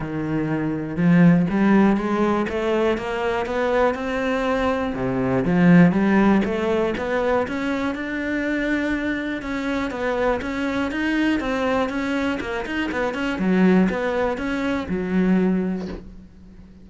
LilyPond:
\new Staff \with { instrumentName = "cello" } { \time 4/4 \tempo 4 = 121 dis2 f4 g4 | gis4 a4 ais4 b4 | c'2 c4 f4 | g4 a4 b4 cis'4 |
d'2. cis'4 | b4 cis'4 dis'4 c'4 | cis'4 ais8 dis'8 b8 cis'8 fis4 | b4 cis'4 fis2 | }